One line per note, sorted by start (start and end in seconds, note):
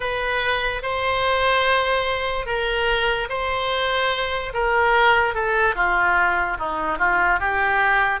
0.00 0.82 B4
0.82 2.45 C5
2.45 3.28 A#4
3.29 4.52 C5
4.53 5.34 A#4
5.34 5.75 A4
5.75 6.57 F4
6.58 6.98 D#4
6.98 7.39 F4
7.39 8.20 G4